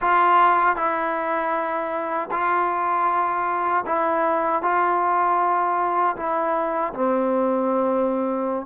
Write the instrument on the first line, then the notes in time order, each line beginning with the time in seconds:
trombone
0.01 F4
0.76 E4
2.31 F4
3.86 E4
4.62 F4
6.16 E4
6.93 C4